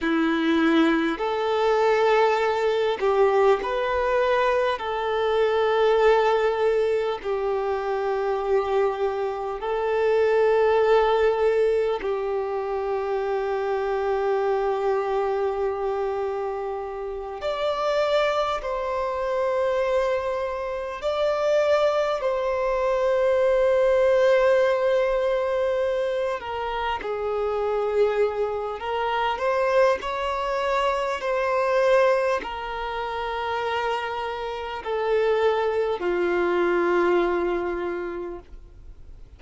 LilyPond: \new Staff \with { instrumentName = "violin" } { \time 4/4 \tempo 4 = 50 e'4 a'4. g'8 b'4 | a'2 g'2 | a'2 g'2~ | g'2~ g'8 d''4 c''8~ |
c''4. d''4 c''4.~ | c''2 ais'8 gis'4. | ais'8 c''8 cis''4 c''4 ais'4~ | ais'4 a'4 f'2 | }